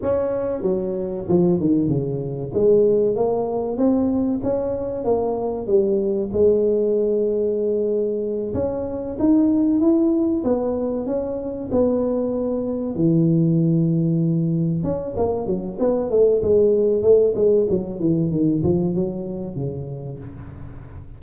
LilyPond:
\new Staff \with { instrumentName = "tuba" } { \time 4/4 \tempo 4 = 95 cis'4 fis4 f8 dis8 cis4 | gis4 ais4 c'4 cis'4 | ais4 g4 gis2~ | gis4. cis'4 dis'4 e'8~ |
e'8 b4 cis'4 b4.~ | b8 e2. cis'8 | ais8 fis8 b8 a8 gis4 a8 gis8 | fis8 e8 dis8 f8 fis4 cis4 | }